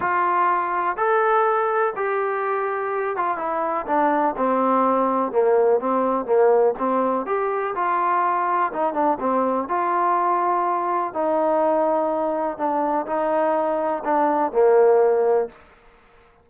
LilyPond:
\new Staff \with { instrumentName = "trombone" } { \time 4/4 \tempo 4 = 124 f'2 a'2 | g'2~ g'8 f'8 e'4 | d'4 c'2 ais4 | c'4 ais4 c'4 g'4 |
f'2 dis'8 d'8 c'4 | f'2. dis'4~ | dis'2 d'4 dis'4~ | dis'4 d'4 ais2 | }